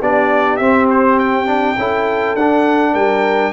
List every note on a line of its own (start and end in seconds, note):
0.00 0.60 B3
0.00 0.61 D4
0.00 1.76 G4
0.00 0.57 D5
0.57 1.77 C4
0.57 1.46 C4
0.57 0.86 E5
0.91 1.19 C5
1.19 2.36 G5
1.46 1.76 D4
1.78 2.36 C#4
1.78 2.38 E4
1.78 2.93 A4
2.36 2.95 D4
2.36 3.53 D4
2.36 2.95 F#5
2.93 3.53 G3
2.93 3.52 A#4
2.93 3.53 G5